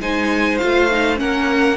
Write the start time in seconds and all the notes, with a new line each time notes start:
0.00 G#3 D#4 C5 G#5
0.57 A3 F4 F5
0.90 D#4
1.16 A#3 C#4 A#4 F#5